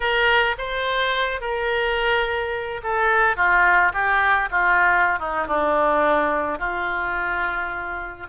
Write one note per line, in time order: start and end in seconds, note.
0.00 0.56 A#4
0.58 1.40 C5
1.40 2.81 A#4
2.83 3.36 A4
3.36 3.92 F4
3.93 4.49 G4
4.50 5.19 F4
5.19 5.47 D#4
5.47 6.59 D4
6.59 8.27 F4